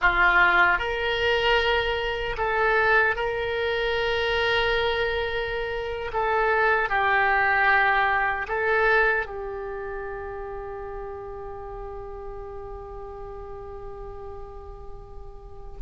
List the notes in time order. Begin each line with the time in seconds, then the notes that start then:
0.01 F4
0.78 A#4
2.37 A4
3.15 A#4
6.13 A4
6.89 G4
8.48 A4
9.26 G4